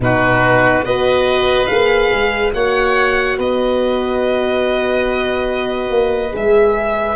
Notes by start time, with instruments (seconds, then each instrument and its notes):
0.00 tuba B2, horn D#4, oboe F#4, violin B4
0.83 tuba B3, horn F#4, oboe B4, violin D#5
1.66 tuba A#3, horn G#4, violin F5
2.11 tuba G#3
2.52 tuba A#3, horn F#4, oboe C#5, violin F#5
3.37 tuba B3, oboe B4, violin D#5
5.90 tuba A#3
6.31 tuba G#3, horn G#4, violin E5